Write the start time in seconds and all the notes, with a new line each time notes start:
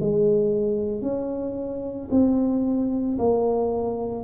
0.00 G#3
1.02 C#4
2.10 C4
3.18 A#3